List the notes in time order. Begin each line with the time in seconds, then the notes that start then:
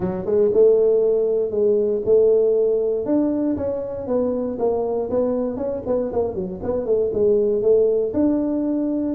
0.00 F#3
0.25 G#3
0.53 A3
1.50 G#3
2.05 A3
3.05 D4
3.56 C#4
4.07 B3
4.58 A#3
5.10 B3
5.56 C#4
5.86 B3
6.12 A#3
6.34 F#3
6.62 B3
6.85 A3
7.13 G#3
7.62 A3
8.13 D4